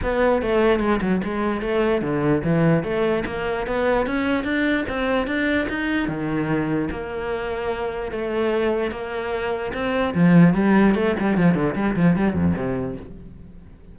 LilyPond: \new Staff \with { instrumentName = "cello" } { \time 4/4 \tempo 4 = 148 b4 a4 gis8 fis8 gis4 | a4 d4 e4 a4 | ais4 b4 cis'4 d'4 | c'4 d'4 dis'4 dis4~ |
dis4 ais2. | a2 ais2 | c'4 f4 g4 a8 g8 | f8 d8 g8 f8 g8 f,8 c4 | }